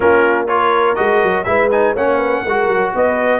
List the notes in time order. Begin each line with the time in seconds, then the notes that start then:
0.00 A#3 C#4 F4 A#4
0.47 F4 A#4 C#5
0.95 G#3 F#4 D#5
1.23 F#3
1.43 G#3 E4 B4 E5
1.71 D#4 G#5
1.93 A#3 C#4 C#5 F#5
2.17 B4
2.43 G#3 F#4 A#4
2.66 F#3
2.94 B3 B4 D#5